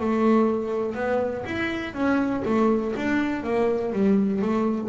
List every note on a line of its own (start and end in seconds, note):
0.00 0.95 A3
0.95 1.44 B3
1.46 1.94 E4
1.94 2.43 C#4
2.45 2.94 A3
2.96 3.43 D4
3.43 3.93 A#3
3.93 4.42 G3
4.42 4.89 A3